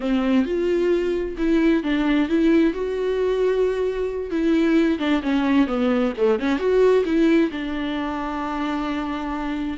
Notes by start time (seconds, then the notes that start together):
0.00 C4
0.45 F4
1.37 E4
1.83 D4
2.28 E4
2.73 F#4
4.30 E4
4.98 D4
5.22 C#4
5.67 B3
6.17 A3
6.39 C#4
6.58 F#4
7.05 E4
7.51 D4